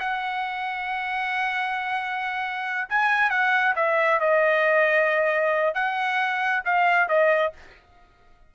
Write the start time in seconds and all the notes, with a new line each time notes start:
0.00 F#5
2.90 G#5
3.31 F#5
3.76 E5
4.20 D#5
5.75 F#5
6.65 F5
7.09 D#5